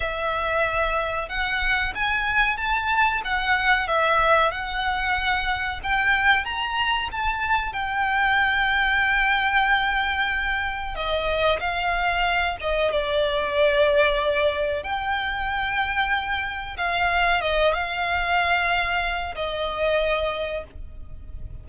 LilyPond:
\new Staff \with { instrumentName = "violin" } { \time 4/4 \tempo 4 = 93 e''2 fis''4 gis''4 | a''4 fis''4 e''4 fis''4~ | fis''4 g''4 ais''4 a''4 | g''1~ |
g''4 dis''4 f''4. dis''8 | d''2. g''4~ | g''2 f''4 dis''8 f''8~ | f''2 dis''2 | }